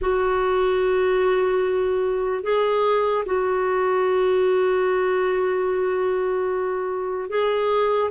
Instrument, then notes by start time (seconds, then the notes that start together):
clarinet
0.01 F#4
2.43 G#4
3.25 F#4
7.29 G#4